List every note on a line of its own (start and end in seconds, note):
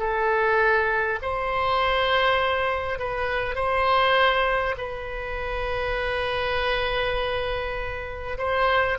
0.00 1.20 A4
1.22 2.99 C5
2.99 3.56 B4
3.56 4.76 C5
4.78 8.38 B4
8.38 8.98 C5